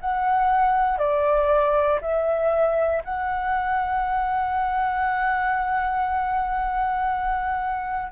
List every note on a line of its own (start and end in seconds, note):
0.00 0.98 F#5
0.98 1.99 D5
2.01 3.03 E5
3.04 8.12 F#5